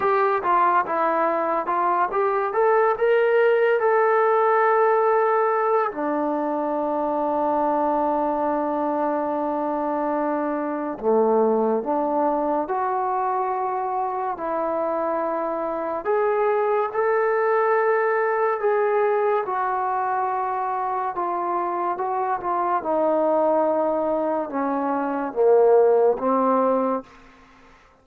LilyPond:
\new Staff \with { instrumentName = "trombone" } { \time 4/4 \tempo 4 = 71 g'8 f'8 e'4 f'8 g'8 a'8 ais'8~ | ais'8 a'2~ a'8 d'4~ | d'1~ | d'4 a4 d'4 fis'4~ |
fis'4 e'2 gis'4 | a'2 gis'4 fis'4~ | fis'4 f'4 fis'8 f'8 dis'4~ | dis'4 cis'4 ais4 c'4 | }